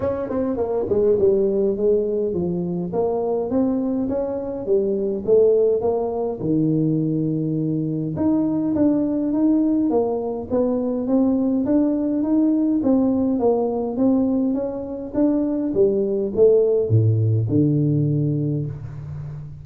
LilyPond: \new Staff \with { instrumentName = "tuba" } { \time 4/4 \tempo 4 = 103 cis'8 c'8 ais8 gis8 g4 gis4 | f4 ais4 c'4 cis'4 | g4 a4 ais4 dis4~ | dis2 dis'4 d'4 |
dis'4 ais4 b4 c'4 | d'4 dis'4 c'4 ais4 | c'4 cis'4 d'4 g4 | a4 a,4 d2 | }